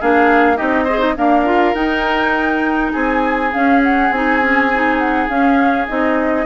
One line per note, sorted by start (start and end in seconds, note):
0.00 0.60 A#3
0.00 0.57 D4
0.00 0.57 G#4
0.00 0.57 F5
0.57 1.16 C4
0.57 0.86 D#4
0.57 0.84 G4
0.57 1.16 D#5
0.84 0.99 G#4
0.84 1.13 C5
0.99 1.14 D#4
1.16 1.46 A#3
1.16 1.74 D4
1.16 2.92 A#4
1.16 1.75 F5
1.46 1.75 F4
1.74 2.92 D#4
1.74 3.51 D#4
1.74 2.92 G5
2.92 3.53 C4
2.92 6.45 G#4
2.92 3.52 G#5
3.52 4.10 C#4
3.52 4.11 C#4
3.52 3.82 F5
3.83 4.12 F#5
4.11 5.28 C4
4.11 4.42 D#4
4.11 4.99 G#5
4.42 4.71 C#4
4.74 5.30 D#4
4.99 5.28 F#5
5.28 5.88 C#4
5.28 5.87 F5
5.88 6.46 C4
5.88 6.46 D#4
5.88 6.46 D#5